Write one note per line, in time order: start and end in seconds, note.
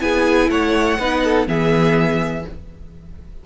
0.00 0.50 B3
0.00 0.98 E4
0.00 0.51 G#4
0.00 0.51 G#5
0.50 0.99 A3
0.50 0.99 C#5
0.50 1.48 F#5
0.99 1.48 B3
0.99 1.47 D#4
0.99 1.23 B4
1.24 1.48 A4
1.47 2.45 E3
1.47 2.45 B3
1.47 2.46 G#4
1.47 2.47 E5